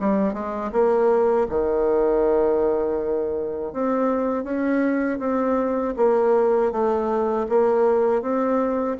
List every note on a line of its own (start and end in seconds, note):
0.00 0.34 G3
0.34 0.71 G#3
0.72 1.47 A#3
1.50 3.73 D#3
3.73 4.44 C4
4.44 5.19 C#4
5.19 5.94 C4
5.97 6.72 A#3
6.72 7.47 A3
7.49 8.22 A#3
8.22 8.97 C4